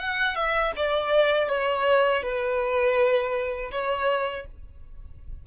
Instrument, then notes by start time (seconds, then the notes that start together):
violin
0.00 F#5
0.36 E5
0.76 D5
1.49 C#5
2.23 B4
3.72 C#5